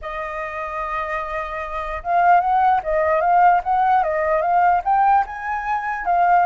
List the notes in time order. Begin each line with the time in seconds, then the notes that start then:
0.01 D#5
2.03 F5
2.40 F#5
2.83 D#5
3.20 F5
3.63 F#5
4.03 D#5
4.41 F5
4.84 G5
5.26 G#5
6.05 F5